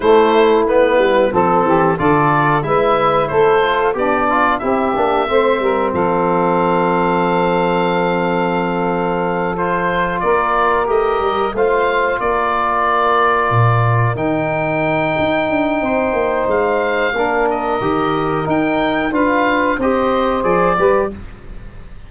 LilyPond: <<
  \new Staff \with { instrumentName = "oboe" } { \time 4/4 \tempo 4 = 91 c''4 b'4 a'4 d''4 | e''4 c''4 d''4 e''4~ | e''4 f''2.~ | f''2~ f''8 c''4 d''8~ |
d''8 dis''4 f''4 d''4.~ | d''4. g''2~ g''8~ | g''4 f''4. dis''4. | g''4 f''4 dis''4 d''4 | }
  \new Staff \with { instrumentName = "saxophone" } { \time 4/4 e'2 a'8 g'8 a'4 | b'4 a'4 d'4 g'4 | c''8 ais'8 a'2.~ | a'2.~ a'8 ais'8~ |
ais'4. c''4 ais'4.~ | ais'1 | c''2 ais'2~ | ais'4 b'4 c''4. b'8 | }
  \new Staff \with { instrumentName = "trombone" } { \time 4/4 a4 b4 c'4 f'4 | e'4. f'8 g'8 f'8 e'8 d'8 | c'1~ | c'2~ c'8 f'4.~ |
f'8 g'4 f'2~ f'8~ | f'4. dis'2~ dis'8~ | dis'2 d'4 g'4 | dis'4 f'4 g'4 gis'8 g'8 | }
  \new Staff \with { instrumentName = "tuba" } { \time 4/4 a4. g8 f8 e8 d4 | gis4 a4 b4 c'8 ais8 | a8 g8 f2.~ | f2.~ f8 ais8~ |
ais8 a8 g8 a4 ais4.~ | ais8 ais,4 dis4. dis'8 d'8 | c'8 ais8 gis4 ais4 dis4 | dis'4 d'4 c'4 f8 g8 | }
>>